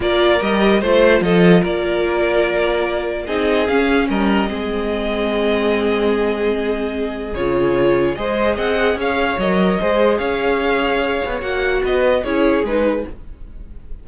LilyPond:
<<
  \new Staff \with { instrumentName = "violin" } { \time 4/4 \tempo 4 = 147 d''4 dis''4 c''4 dis''4 | d''1 | dis''4 f''4 dis''2~ | dis''1~ |
dis''2 cis''2 | dis''4 fis''4 f''4 dis''4~ | dis''4 f''2. | fis''4 dis''4 cis''4 b'4 | }
  \new Staff \with { instrumentName = "violin" } { \time 4/4 ais'2 c''4 a'4 | ais'1 | gis'2 ais'4 gis'4~ | gis'1~ |
gis'1 | c''4 dis''4 cis''2 | c''4 cis''2.~ | cis''4 b'4 gis'2 | }
  \new Staff \with { instrumentName = "viola" } { \time 4/4 f'4 g'4 f'2~ | f'1 | dis'4 cis'2 c'4~ | c'1~ |
c'2 f'2 | gis'2. ais'4 | gis'1 | fis'2 e'4 dis'4 | }
  \new Staff \with { instrumentName = "cello" } { \time 4/4 ais4 g4 a4 f4 | ais1 | c'4 cis'4 g4 gis4~ | gis1~ |
gis2 cis2 | gis4 c'4 cis'4 fis4 | gis4 cis'2~ cis'8 b8 | ais4 b4 cis'4 gis4 | }
>>